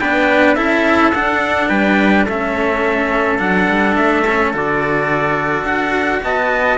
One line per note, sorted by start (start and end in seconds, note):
0.00 0.57 B3
0.00 0.57 D4
0.00 0.57 B4
0.00 0.55 G5
0.55 1.14 C#4
0.55 1.13 E4
0.55 1.69 A4
0.55 1.12 E5
1.14 2.28 D4
1.14 1.70 D4
1.14 1.69 F#5
1.69 2.27 G3
1.69 2.26 B4
1.69 2.26 G5
2.26 3.40 A3
2.26 3.39 C#4
2.26 6.22 A4
2.26 3.40 E5
3.39 3.68 F#3
3.39 4.24 D4
3.39 3.96 F#5
3.69 3.97 G3
3.97 4.54 A3
3.97 4.54 E5
4.27 4.54 C#4
4.54 5.64 D3
4.54 6.78 F#4
4.54 5.66 D5
5.64 6.20 D4
5.64 6.23 F#5
6.23 6.78 B3
6.23 6.78 D#5
6.23 6.78 A5